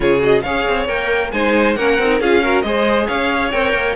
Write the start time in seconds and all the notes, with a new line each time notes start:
0.00 C#3 F4 G#4 C#5
0.19 F#4 D#5
0.42 C#4 G#4 C#5 F5
0.67 C4
0.87 A#3 A#4 G5
1.31 G#3 D#4 C5 G#5
1.74 A#3 C#4 A#4 F#5
1.98 C4 D#4
2.20 C#4 F4 G#4 F5
2.42 F#4 A#4
2.61 G#3 G#4 C5 D#5
3.07 C#4 C#5 F5
3.51 C4 A#4 G5
3.73 A#3